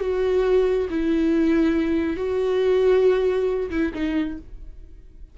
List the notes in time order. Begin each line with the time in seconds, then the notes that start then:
0.00 F#4
0.90 E4
2.17 F#4
3.70 E4
3.94 D#4